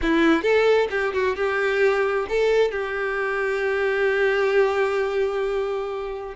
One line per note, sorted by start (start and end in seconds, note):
0.01 0.42 E4
0.42 0.87 A4
0.90 1.13 G4
1.13 1.36 F#4
1.36 2.26 G4
2.29 2.71 A4
2.71 6.34 G4